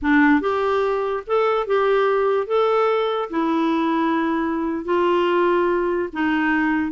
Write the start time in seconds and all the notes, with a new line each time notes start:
0.02 D4
0.40 G4
1.26 A4
1.66 G4
2.46 A4
3.30 E4
4.85 F4
6.13 D#4